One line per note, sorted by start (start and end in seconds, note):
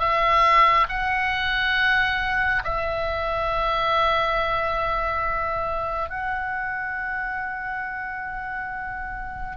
0.00 0.87 E5
0.89 2.63 F#5
2.64 6.10 E5
6.10 9.57 F#5